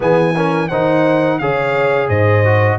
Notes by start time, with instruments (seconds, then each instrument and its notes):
0.00 tuba E3, trombone B3, horn G#4, trumpet G#5
0.36 trombone C#4, horn A#4
0.68 tuba D#3, trombone D#4, horn C5, trumpet F#5
1.38 tuba C#3, trombone G#4, horn C#5, trumpet F5
2.07 tuba G#2, horn C5, trumpet D#5
2.44 trombone F#4